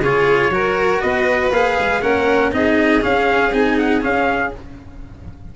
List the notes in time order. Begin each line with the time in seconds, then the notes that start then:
0.00 C#3 F4 G#4 C#5
0.49 F#3 F#4 A#4
1.01 B3 B4 D#5
1.51 A#3 G#4 F5
1.79 G#3
2.01 A#3 C#4 A#4 F#5
2.52 C4 D#4 G#4 D#5
3.01 C#4 F5
3.52 C4 D#4 G#5
3.78 F#5
4.01 C#4 F5